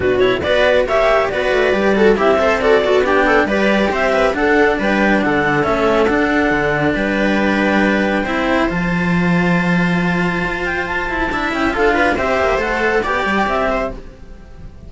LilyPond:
<<
  \new Staff \with { instrumentName = "clarinet" } { \time 4/4 \tempo 4 = 138 b'8 cis''8 d''4 e''4 d''4~ | d''4 e''4 d''4 g''4 | d''4 e''4 fis''4 g''4 | fis''4 e''4 fis''2 |
g''1 | a''1~ | a''8 g''8 a''4. g''8 f''4 | e''4 fis''4 g''4 e''4 | }
  \new Staff \with { instrumentName = "viola" } { \time 4/4 fis'4 b'4 cis''4 b'4~ | b'8 a'8 g'8 c''8 a'8 fis'8 g'8 a'8 | b'4 c''8 b'8 a'4 b'4 | a'1 |
b'2. c''4~ | c''1~ | c''2 e''4 a'8 b'8 | c''2 d''4. c''8 | }
  \new Staff \with { instrumentName = "cello" } { \time 4/4 d'8 e'8 fis'4 g'4 fis'4 | g'8 fis'8 e'8 a'8 fis'8 a'8 d'4 | g'2 d'2~ | d'4 cis'4 d'2~ |
d'2. e'4 | f'1~ | f'2 e'4 f'4 | g'4 a'4 g'2 | }
  \new Staff \with { instrumentName = "cello" } { \time 4/4 b,4 b4 ais4 b8 a8 | g4 c'4. b4. | g4 c'4 d'4 g4 | d4 a4 d'4 d4 |
g2. c'4 | f1 | f'4. e'8 d'8 cis'8 d'4 | c'8 ais8 a4 b8 g8 c'4 | }
>>